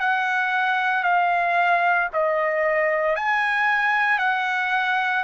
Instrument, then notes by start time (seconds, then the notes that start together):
trumpet
0.00 F#5
1.03 F5
2.13 D#5
3.16 G#5
4.19 F#5